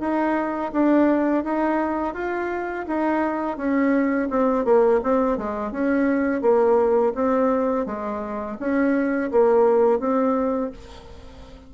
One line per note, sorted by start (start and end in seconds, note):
0.00 0.71 D#4
0.72 1.44 D4
1.44 2.14 D#4
2.14 2.85 F4
2.87 3.57 D#4
3.57 4.29 C#4
4.30 4.65 C4
4.65 5.00 A#3
5.03 5.37 C4
5.37 5.71 G#3
5.71 6.42 C#4
6.42 7.13 A#3
7.15 7.86 C4
7.86 8.57 G#3
8.59 9.31 C#4
9.31 9.99 A#3
9.99 10.71 C4